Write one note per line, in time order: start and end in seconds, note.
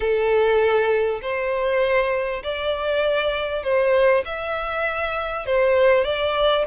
0.00 1.20 A4
1.21 2.42 C5
2.43 3.63 D5
3.63 4.23 C5
4.25 5.46 E5
5.46 6.04 C5
6.04 6.64 D5